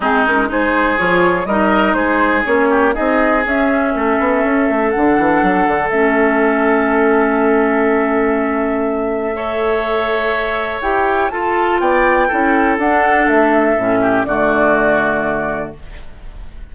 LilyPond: <<
  \new Staff \with { instrumentName = "flute" } { \time 4/4 \tempo 4 = 122 gis'8 ais'8 c''4 cis''4 dis''4 | c''4 cis''4 dis''4 e''4~ | e''2 fis''2 | e''1~ |
e''1~ | e''2 g''4 a''4 | g''2 fis''4 e''4~ | e''4 d''2. | }
  \new Staff \with { instrumentName = "oboe" } { \time 4/4 dis'4 gis'2 ais'4 | gis'4. g'8 gis'2 | a'1~ | a'1~ |
a'2. cis''4~ | cis''2. a'4 | d''4 a'2.~ | a'8 g'8 fis'2. | }
  \new Staff \with { instrumentName = "clarinet" } { \time 4/4 c'8 cis'8 dis'4 f'4 dis'4~ | dis'4 cis'4 dis'4 cis'4~ | cis'2 d'2 | cis'1~ |
cis'2. a'4~ | a'2 g'4 f'4~ | f'4 e'4 d'2 | cis'4 a2. | }
  \new Staff \with { instrumentName = "bassoon" } { \time 4/4 gis2 f4 g4 | gis4 ais4 c'4 cis'4 | a8 b8 cis'8 a8 d8 e8 fis8 d8 | a1~ |
a1~ | a2 e'4 f'4 | b4 cis'4 d'4 a4 | a,4 d2. | }
>>